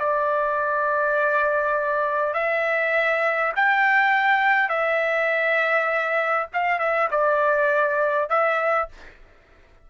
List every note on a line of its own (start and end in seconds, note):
0.00 2.34 D5
2.34 3.53 E5
3.56 4.70 G5
4.70 6.48 E5
6.54 6.80 F5
6.80 7.09 E5
7.12 8.30 D5
8.30 8.89 E5